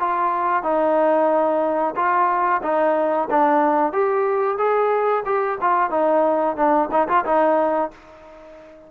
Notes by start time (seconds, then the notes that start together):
0.00 F4
0.63 D#4
1.96 F4
2.63 D#4
3.30 D4
3.93 G4
4.58 G#4
5.25 G4
5.61 F4
5.90 D#4
6.56 D4
6.91 D#4
7.08 F4
7.25 D#4